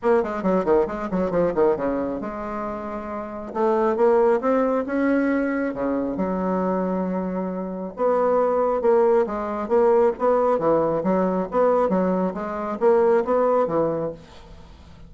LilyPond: \new Staff \with { instrumentName = "bassoon" } { \time 4/4 \tempo 4 = 136 ais8 gis8 fis8 dis8 gis8 fis8 f8 dis8 | cis4 gis2. | a4 ais4 c'4 cis'4~ | cis'4 cis4 fis2~ |
fis2 b2 | ais4 gis4 ais4 b4 | e4 fis4 b4 fis4 | gis4 ais4 b4 e4 | }